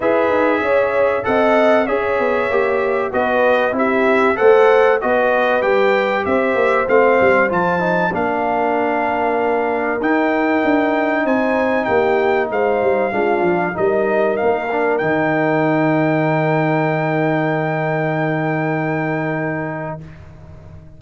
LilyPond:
<<
  \new Staff \with { instrumentName = "trumpet" } { \time 4/4 \tempo 4 = 96 e''2 fis''4 e''4~ | e''4 dis''4 e''4 fis''4 | dis''4 g''4 e''4 f''4 | a''4 f''2. |
g''2 gis''4 g''4 | f''2 dis''4 f''4 | g''1~ | g''1 | }
  \new Staff \with { instrumentName = "horn" } { \time 4/4 b'4 cis''4 dis''4 cis''4~ | cis''4 b'4 g'4 c''4 | b'2 c''2~ | c''4 ais'2.~ |
ais'2 c''4 g'4 | c''4 f'4 ais'2~ | ais'1~ | ais'1 | }
  \new Staff \with { instrumentName = "trombone" } { \time 4/4 gis'2 a'4 gis'4 | g'4 fis'4 e'4 a'4 | fis'4 g'2 c'4 | f'8 dis'8 d'2. |
dis'1~ | dis'4 d'4 dis'4. d'8 | dis'1~ | dis'1 | }
  \new Staff \with { instrumentName = "tuba" } { \time 4/4 e'8 dis'8 cis'4 c'4 cis'8 b8 | ais4 b4 c'4 a4 | b4 g4 c'8 ais8 a8 g8 | f4 ais2. |
dis'4 d'4 c'4 ais4 | gis8 g8 gis8 f8 g4 ais4 | dis1~ | dis1 | }
>>